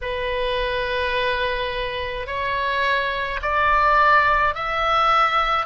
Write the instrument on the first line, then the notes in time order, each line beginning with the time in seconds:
oboe
0.01 B4
2.26 C#5
3.42 D5
4.54 E5